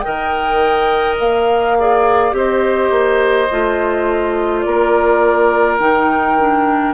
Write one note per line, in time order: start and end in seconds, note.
0.00 1.77 A#4
0.00 1.78 D#5
0.00 1.15 G5
0.06 1.19 D#3
1.19 2.32 A#3
1.19 2.35 F5
1.79 2.31 G#4
1.79 2.36 D5
2.31 2.90 C4
2.31 3.47 G4
2.31 4.66 C5
2.31 4.61 D#5
2.90 3.48 A#3
3.51 4.66 A3
3.51 5.79 F4
4.61 5.79 A#3
4.61 6.93 A#4
4.61 5.76 D5
5.79 6.93 D#3
5.79 6.37 D#4
5.79 6.93 G5
6.38 6.93 D4